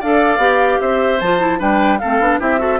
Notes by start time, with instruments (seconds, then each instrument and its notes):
0.00 bassoon D4, clarinet A4, oboe D5, flute F5
0.38 bassoon B3, clarinet G4
0.80 bassoon C4, oboe C5, flute E5
1.20 bassoon F3, clarinet F4, flute A5
1.39 clarinet E4
1.59 bassoon G3, clarinet D4, oboe B4, flute G5
1.99 clarinet C4, oboe A4, flute F5
2.05 bassoon A3
2.19 bassoon B3, clarinet D4
2.40 bassoon C4, clarinet E4, oboe G4, flute E5
2.58 clarinet F#4, oboe A4